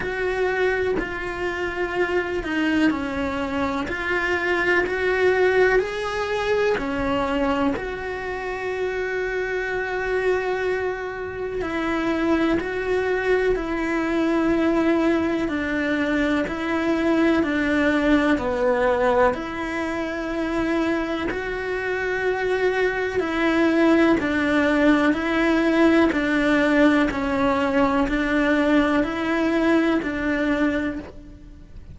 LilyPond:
\new Staff \with { instrumentName = "cello" } { \time 4/4 \tempo 4 = 62 fis'4 f'4. dis'8 cis'4 | f'4 fis'4 gis'4 cis'4 | fis'1 | e'4 fis'4 e'2 |
d'4 e'4 d'4 b4 | e'2 fis'2 | e'4 d'4 e'4 d'4 | cis'4 d'4 e'4 d'4 | }